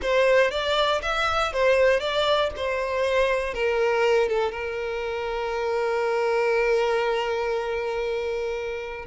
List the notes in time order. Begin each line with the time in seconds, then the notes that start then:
0.01 C5
0.50 D5
1.02 E5
1.52 C5
2.00 D5
2.56 C5
3.54 A#4
4.29 A4
4.51 A#4